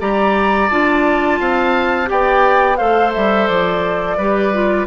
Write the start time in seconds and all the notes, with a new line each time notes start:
0.00 G3 G4 D5 A#5
0.69 D4 F4 A5
1.40 C4 F5
2.06 B3 G4 D5 G5
2.77 A3 A4 C5 F5
3.13 G3 E5
3.48 F3 D5
4.17 G3 G4 B4
4.53 F4